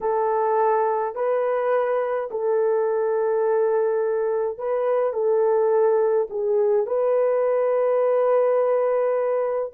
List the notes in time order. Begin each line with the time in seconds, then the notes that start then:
0.01 A4
1.15 B4
2.31 A4
4.58 B4
5.13 A4
6.30 G#4
6.86 B4